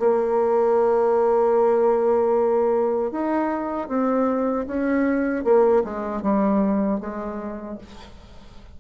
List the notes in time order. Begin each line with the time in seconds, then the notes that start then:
0.00 A#3
3.12 D#4
3.89 C4
4.67 C#4
5.44 A#3
5.84 G#3
6.23 G3
7.01 G#3